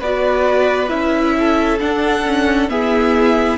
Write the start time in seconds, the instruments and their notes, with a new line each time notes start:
0.00 cello B3, viola F#4, violin B4 D5
0.89 cello C#4, viola E4, violin E5
1.38 violin A4
1.80 viola D4, cello D4, violin F#5
2.26 viola C#4
2.69 viola B3, cello E4, violin G#4 E5